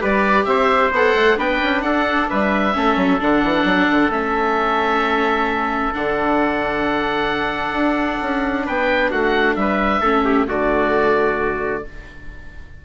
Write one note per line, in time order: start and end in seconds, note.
0.00 0.45 G3
0.00 0.91 G4
0.00 0.46 B4
0.00 0.45 D5
0.45 0.91 C4
0.45 1.38 C5
0.45 0.90 E5
0.91 1.14 B3
0.91 1.36 A4
0.91 1.39 F#5
1.14 1.37 A3
1.36 1.61 B3
1.36 2.73 D4
1.36 1.84 B4
1.36 1.82 G5
1.63 1.83 C#4
1.82 2.28 D4
1.82 2.30 A4
1.82 2.27 F#5
2.30 2.76 G3
2.30 2.75 B4
2.30 3.21 E5
2.73 2.96 A3
2.73 3.19 C#4
2.73 8.66 A4
2.96 3.19 F#3
3.20 3.44 D3
3.20 4.11 D4
3.20 4.12 F#5
3.44 3.64 E3
3.64 3.87 F#3
3.91 4.10 D3
4.10 5.92 A3
4.10 5.93 C#4
4.10 5.94 E5
5.93 7.72 D3
5.93 10.02 D4
5.93 8.67 F#5
7.72 8.17 D4
8.21 8.67 C#4
8.66 9.12 B3
8.66 9.11 B4
8.66 9.11 G5
9.11 9.56 A3
9.11 9.56 F#4
9.11 9.56 F#5
9.56 10.01 G3
9.56 10.01 B4
9.56 10.47 E5
10.01 10.46 A3
10.01 10.47 C#4
10.01 10.23 A4
10.25 10.47 G4
10.47 11.84 D3
10.47 11.83 A3
10.47 11.84 F#4
10.47 11.85 D5